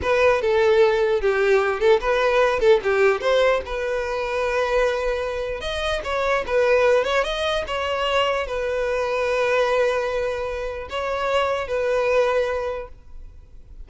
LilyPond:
\new Staff \with { instrumentName = "violin" } { \time 4/4 \tempo 4 = 149 b'4 a'2 g'4~ | g'8 a'8 b'4. a'8 g'4 | c''4 b'2.~ | b'2 dis''4 cis''4 |
b'4. cis''8 dis''4 cis''4~ | cis''4 b'2.~ | b'2. cis''4~ | cis''4 b'2. | }